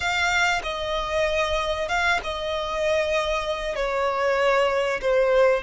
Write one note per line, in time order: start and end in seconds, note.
0.00 0.61 F5
0.63 1.88 D#5
1.88 2.19 F5
2.23 3.75 D#5
3.75 5.00 C#5
5.01 5.62 C5